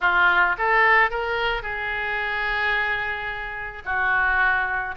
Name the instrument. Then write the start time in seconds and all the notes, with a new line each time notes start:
oboe
0.01 F4
0.58 A4
1.10 A#4
1.62 G#4
3.85 F#4